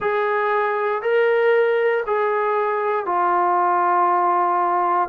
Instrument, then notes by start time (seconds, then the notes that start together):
trombone
0.00 G#4
1.02 A#4
2.06 G#4
3.05 F4